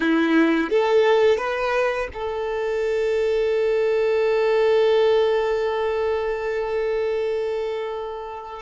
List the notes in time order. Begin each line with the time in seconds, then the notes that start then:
0.00 E4
0.70 A4
1.37 B4
2.13 A4